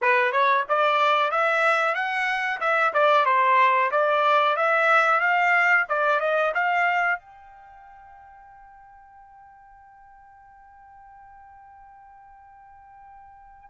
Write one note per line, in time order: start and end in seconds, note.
0.01 0.32 B4
0.32 0.64 C#5
0.68 1.31 D5
1.31 1.94 E5
1.94 2.59 F#5
2.60 2.93 E5
2.93 3.25 D5
3.25 3.90 C5
3.91 4.56 D5
4.56 5.20 E5
5.20 5.85 F5
5.88 6.20 D5
6.20 6.52 D#5
6.54 7.19 F5
7.19 13.70 G5